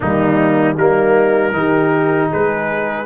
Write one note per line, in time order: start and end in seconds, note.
0.00 0.76 D#3
0.00 0.78 G3
0.00 0.75 A#3
0.00 0.76 D#4
0.75 1.53 G3
0.75 1.52 A#3
0.75 1.52 D#4
0.75 2.31 A#4
1.52 2.29 D#3
1.52 3.06 D#4
1.52 2.30 G4
2.30 3.06 G#3
2.30 3.06 G#4
2.30 3.06 B4